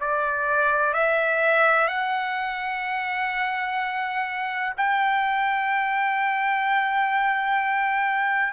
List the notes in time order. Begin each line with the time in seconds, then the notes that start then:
0.00 D5
0.93 E5
1.87 F#5
4.77 G5